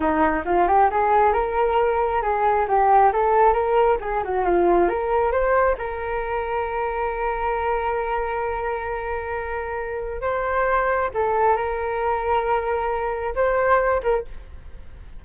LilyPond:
\new Staff \with { instrumentName = "flute" } { \time 4/4 \tempo 4 = 135 dis'4 f'8 g'8 gis'4 ais'4~ | ais'4 gis'4 g'4 a'4 | ais'4 gis'8 fis'8 f'4 ais'4 | c''4 ais'2.~ |
ais'1~ | ais'2. c''4~ | c''4 a'4 ais'2~ | ais'2 c''4. ais'8 | }